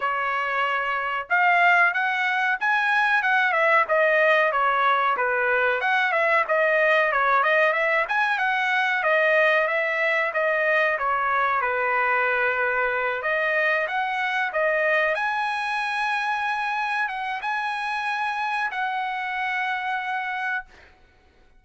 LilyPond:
\new Staff \with { instrumentName = "trumpet" } { \time 4/4 \tempo 4 = 93 cis''2 f''4 fis''4 | gis''4 fis''8 e''8 dis''4 cis''4 | b'4 fis''8 e''8 dis''4 cis''8 dis''8 | e''8 gis''8 fis''4 dis''4 e''4 |
dis''4 cis''4 b'2~ | b'8 dis''4 fis''4 dis''4 gis''8~ | gis''2~ gis''8 fis''8 gis''4~ | gis''4 fis''2. | }